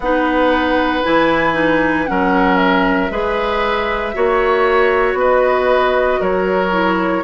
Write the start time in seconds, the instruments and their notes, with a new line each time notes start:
0.00 bassoon B3, clarinet D#4, oboe B4, flute F#5
1.03 bassoon E3, clarinet E4, flute G#5
1.53 clarinet D#4
2.06 bassoon F#3, clarinet C#4, oboe A#4, flute F#5
2.56 flute E5
3.10 bassoon G#3, clarinet G#4, oboe B4
4.14 bassoon A#3, clarinet F#4, oboe C#5
5.13 bassoon B3, oboe B4
5.20 flute D#5
6.20 bassoon F#3, oboe A#4, flute C#5
6.71 clarinet E4